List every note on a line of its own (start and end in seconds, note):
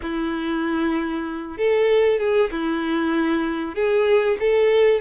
0.01 1.57 E4
1.57 2.19 A4
2.19 2.50 G#4
2.51 3.74 E4
3.74 4.37 G#4
4.39 5.00 A4